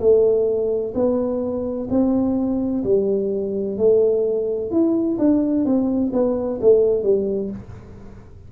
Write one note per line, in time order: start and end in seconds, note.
0.00 0.94 A3
0.95 1.88 B3
1.90 2.84 C4
2.84 3.78 G3
3.78 4.71 A3
4.71 5.18 E4
5.19 5.65 D4
5.65 6.12 C4
6.13 6.60 B3
6.61 7.04 A3
7.04 7.50 G3